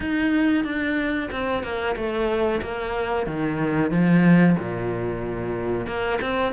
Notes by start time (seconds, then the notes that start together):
0.00 D#4
0.64 D4
1.31 C4
1.63 A#3
1.96 A3
2.61 A#3
3.26 D#3
3.90 F3
4.59 A#2
5.86 A#3
6.21 C4